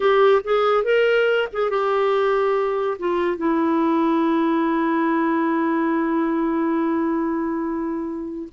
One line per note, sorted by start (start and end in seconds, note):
0.00 0.42 G4
0.44 0.84 G#4
0.84 1.48 A#4
1.52 1.69 G#4
1.69 2.97 G4
2.98 3.37 F4
3.37 8.48 E4